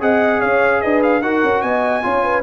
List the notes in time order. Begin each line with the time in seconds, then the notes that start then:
0.00 C4 G#4 D#5 F#5
0.39 C#4 C#5 F5
0.81 D4 B4 D#5
1.02 F5
1.21 D#4 F#4 A#4 F#5
1.43 C#4
1.61 B3 D#5 G#5
2.03 C#4 F4 C#5
2.23 B4